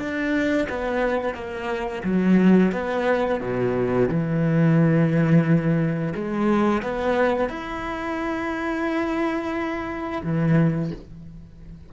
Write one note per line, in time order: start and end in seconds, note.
0.00 0.68 D4
0.70 1.35 B3
1.35 2.03 A#3
2.04 2.72 F#3
2.72 3.41 B3
3.41 4.09 B2
4.09 6.14 E3
6.15 6.83 G#3
6.83 7.49 B3
7.49 10.22 E4
10.24 10.92 E3